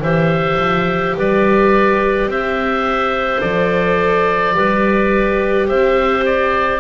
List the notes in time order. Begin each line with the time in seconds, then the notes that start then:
0.00 E3 G4 C5 E5
0.57 F3
1.17 G3 B4 D5
2.26 C4 C5 E5
3.40 F3 A4 D5
4.53 G3 G4 B4
5.68 C4 C5 E5
6.25 D5